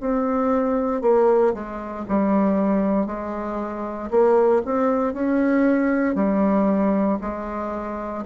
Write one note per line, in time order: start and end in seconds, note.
0.00 1.02 C4
1.02 1.53 A#3
1.53 2.05 G#3
2.08 3.06 G3
3.06 4.10 G#3
4.11 4.62 A#3
4.65 5.13 C4
5.13 6.15 C#4
6.15 7.18 G3
7.21 8.24 G#3